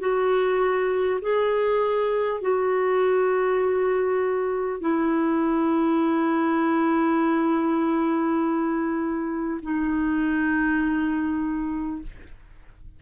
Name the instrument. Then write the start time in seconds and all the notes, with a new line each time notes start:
clarinet
0.00 F#4
1.22 G#4
2.42 F#4
4.81 E4
9.62 D#4